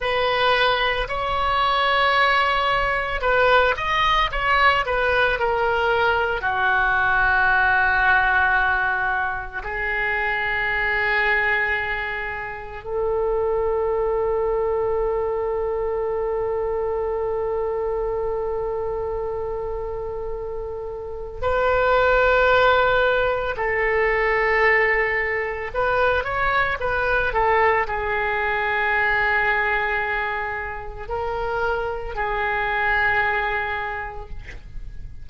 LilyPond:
\new Staff \with { instrumentName = "oboe" } { \time 4/4 \tempo 4 = 56 b'4 cis''2 b'8 dis''8 | cis''8 b'8 ais'4 fis'2~ | fis'4 gis'2. | a'1~ |
a'1 | b'2 a'2 | b'8 cis''8 b'8 a'8 gis'2~ | gis'4 ais'4 gis'2 | }